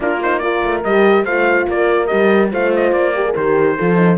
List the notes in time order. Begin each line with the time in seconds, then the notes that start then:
0.00 A#3 D4 F4 A#4
0.22 D#4 C5
0.39 F4 A#4 D5
0.63 A3
0.84 G3 G4 D#5
1.24 A3 F4 C5 F5
1.68 A#3 A#4 D5
2.06 G4 D#5
2.12 G3
2.51 A3 F4 C5 F5
2.75 D#5
2.92 A#3 D5
3.14 G4 A#4
3.24 G#4
3.36 D#3 G4 C5
3.76 F3 F4 A4
3.96 D#4